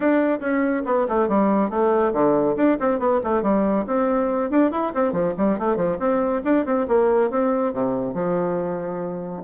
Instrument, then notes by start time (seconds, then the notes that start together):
bassoon
0.00 D4
0.40 C#4
0.85 B3
1.08 A3
1.28 G3
1.70 A3
2.13 D3
2.56 D4
2.80 C4
2.99 B3
3.23 A3
3.42 G3
3.86 C4
4.50 D4
4.71 E4
4.94 C4
5.12 F3
5.37 G3
5.59 A3
5.76 F3
5.99 C4
6.44 D4
6.65 C4
6.88 A#3
7.30 C4
7.73 C3
8.14 F3